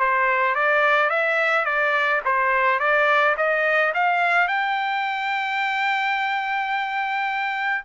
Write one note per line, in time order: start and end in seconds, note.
0.00 0.55 C5
0.55 1.10 D5
1.10 1.65 E5
1.65 2.21 D5
2.26 2.80 C5
2.80 3.36 D5
3.37 3.93 D#5
3.95 4.48 F5
4.48 7.85 G5